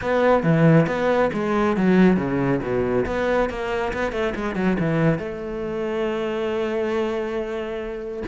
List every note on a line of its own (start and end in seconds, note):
0.01 0.43 B3
0.43 0.86 E3
0.86 1.30 B3
1.33 1.76 G#3
1.76 2.16 F#3
2.16 2.60 C#3
2.62 3.05 B2
3.06 3.49 B3
3.49 3.92 A#3
3.93 4.11 B3
4.11 4.33 A3
4.35 4.55 G#3
4.55 4.77 F#3
4.79 5.18 E3
5.18 8.23 A3